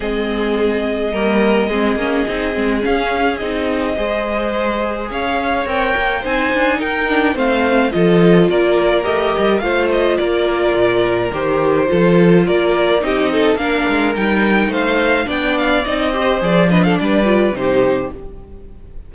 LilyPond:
<<
  \new Staff \with { instrumentName = "violin" } { \time 4/4 \tempo 4 = 106 dis''1~ | dis''4 f''4 dis''2~ | dis''4 f''4 g''4 gis''4 | g''4 f''4 dis''4 d''4 |
dis''4 f''8 dis''8 d''2 | c''2 d''4 dis''4 | f''4 g''4 f''4 g''8 f''8 | dis''4 d''8 dis''16 f''16 d''4 c''4 | }
  \new Staff \with { instrumentName = "violin" } { \time 4/4 gis'2 ais'4 gis'4~ | gis'2. c''4~ | c''4 cis''2 c''4 | ais'4 c''4 a'4 ais'4~ |
ais'4 c''4 ais'2~ | ais'4 a'4 ais'4 g'8 a'8 | ais'2 c''4 d''4~ | d''8 c''4 b'16 a'16 b'4 g'4 | }
  \new Staff \with { instrumentName = "viola" } { \time 4/4 c'2 ais4 c'8 cis'8 | dis'8 c'8 cis'4 dis'4 gis'4~ | gis'2 ais'4 dis'4~ | dis'8 d'8 c'4 f'2 |
g'4 f'2. | g'4 f'2 dis'4 | d'4 dis'2 d'4 | dis'8 g'8 gis'8 d'4 f'8 dis'4 | }
  \new Staff \with { instrumentName = "cello" } { \time 4/4 gis2 g4 gis8 ais8 | c'8 gis8 cis'4 c'4 gis4~ | gis4 cis'4 c'8 ais8 c'8 d'8 | dis'4 a4 f4 ais4 |
a8 g8 a4 ais4 ais,4 | dis4 f4 ais4 c'4 | ais8 gis8 g4 a4 b4 | c'4 f4 g4 c4 | }
>>